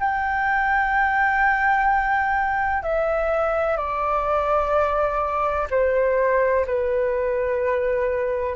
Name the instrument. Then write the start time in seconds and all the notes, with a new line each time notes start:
flute
0.00 G5
2.83 E5
3.77 D5
5.71 C5
6.67 B4